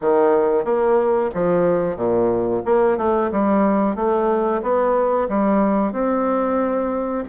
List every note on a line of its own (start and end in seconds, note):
0.01 0.64 D#3
0.64 1.30 A#3
1.34 1.96 F3
1.96 2.62 A#2
2.65 2.97 A#3
2.97 3.30 A3
3.31 3.95 G3
3.95 4.61 A3
4.62 5.28 B3
5.29 5.92 G3
5.92 7.24 C4